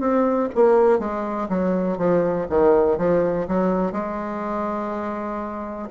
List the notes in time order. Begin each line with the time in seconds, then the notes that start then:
0.00 C4
0.55 A#3
1.00 G#3
1.49 F#3
1.98 F3
2.50 D#3
2.98 F3
3.48 F#3
3.93 G#3